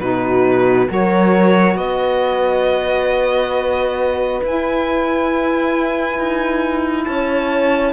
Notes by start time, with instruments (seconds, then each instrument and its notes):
0.00 cello B2, saxophone D#4, horn F#4, violin B4
0.88 cello F#3, saxophone F#4, horn A#4, violin C#5
1.76 cello B3, horn B4, violin D#5
4.43 cello E4, saxophone E4, violin G#5
6.19 cello D#4
7.04 cello C#4, horn C#5, violin A5